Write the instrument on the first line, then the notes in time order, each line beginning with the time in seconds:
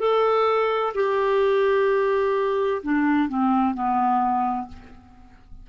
clarinet
0.00 A4
0.95 G4
2.83 D4
3.29 C4
3.75 B3